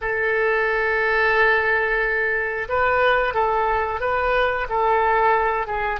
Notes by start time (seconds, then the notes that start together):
0.01 A4
2.68 B4
3.33 A4
4.00 B4
4.69 A4
5.67 G#4